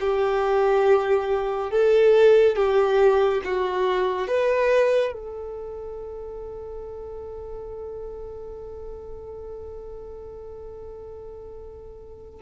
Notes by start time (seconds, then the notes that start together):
0.00 G4
1.71 A4
2.56 G4
3.44 F#4
4.28 B4
5.12 A4